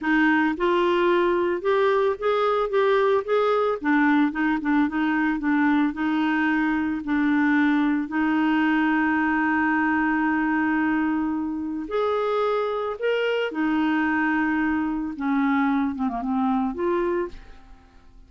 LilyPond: \new Staff \with { instrumentName = "clarinet" } { \time 4/4 \tempo 4 = 111 dis'4 f'2 g'4 | gis'4 g'4 gis'4 d'4 | dis'8 d'8 dis'4 d'4 dis'4~ | dis'4 d'2 dis'4~ |
dis'1~ | dis'2 gis'2 | ais'4 dis'2. | cis'4. c'16 ais16 c'4 f'4 | }